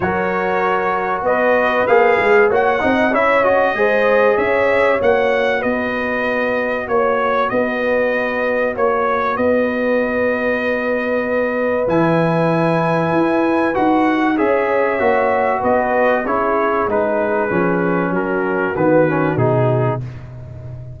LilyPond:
<<
  \new Staff \with { instrumentName = "trumpet" } { \time 4/4 \tempo 4 = 96 cis''2 dis''4 f''4 | fis''4 e''8 dis''4. e''4 | fis''4 dis''2 cis''4 | dis''2 cis''4 dis''4~ |
dis''2. gis''4~ | gis''2 fis''4 e''4~ | e''4 dis''4 cis''4 b'4~ | b'4 ais'4 b'4 gis'4 | }
  \new Staff \with { instrumentName = "horn" } { \time 4/4 ais'2 b'2 | cis''8 dis''8 cis''4 c''4 cis''4~ | cis''4 b'2 cis''4 | b'2 cis''4 b'4~ |
b'1~ | b'2. cis''4~ | cis''4 b'4 gis'2~ | gis'4 fis'2. | }
  \new Staff \with { instrumentName = "trombone" } { \time 4/4 fis'2. gis'4 | fis'8 dis'8 e'8 fis'8 gis'2 | fis'1~ | fis'1~ |
fis'2. e'4~ | e'2 fis'4 gis'4 | fis'2 e'4 dis'4 | cis'2 b8 cis'8 dis'4 | }
  \new Staff \with { instrumentName = "tuba" } { \time 4/4 fis2 b4 ais8 gis8 | ais8 c'8 cis'4 gis4 cis'4 | ais4 b2 ais4 | b2 ais4 b4~ |
b2. e4~ | e4 e'4 dis'4 cis'4 | ais4 b4 cis'4 gis4 | f4 fis4 dis4 b,4 | }
>>